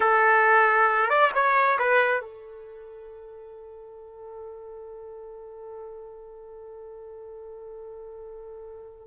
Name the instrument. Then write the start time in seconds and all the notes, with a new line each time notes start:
trumpet
0.00 A4
1.09 D5
1.34 C#5
1.79 B4
2.20 A4